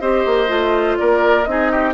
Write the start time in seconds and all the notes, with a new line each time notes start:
0.00 C4 G4 C5 D#5
0.26 A#3
0.48 A3 F4
0.98 A#3 A#4 D5
1.44 C4 D#4 D#5
1.51 G#4
1.72 G4